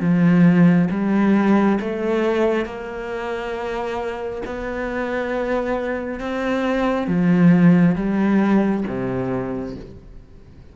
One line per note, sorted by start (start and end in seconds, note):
0.00 0.88 F3
0.90 1.78 G3
1.80 2.65 A3
2.65 4.42 A#3
4.45 6.20 B3
6.20 7.07 C4
7.07 7.95 F3
7.95 8.84 G3
8.87 9.75 C3